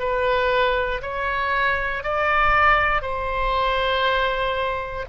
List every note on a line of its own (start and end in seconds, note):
0.00 1.02 B4
1.02 2.03 C#5
2.03 3.02 D5
3.02 5.06 C5